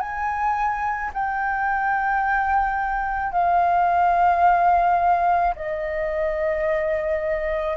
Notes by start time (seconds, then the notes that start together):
0.00 G#5
1.14 G5
3.32 F5
5.56 D#5